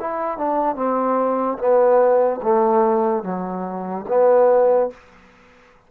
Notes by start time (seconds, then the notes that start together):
0.00 E4
0.37 D4
0.75 C4
1.58 B3
2.43 A3
3.23 F#3
4.08 B3